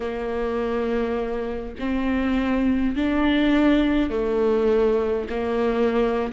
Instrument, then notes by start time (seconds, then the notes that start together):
viola
0.00 A#3
1.79 C4
2.96 D4
4.10 A3
5.29 A#3